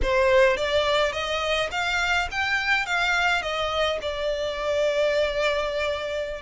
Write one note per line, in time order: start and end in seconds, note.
0.02 0.57 C5
0.57 1.12 D5
1.12 1.69 D#5
1.71 2.28 F5
2.31 2.85 G5
2.85 3.41 F5
3.41 3.98 D#5
4.01 6.41 D5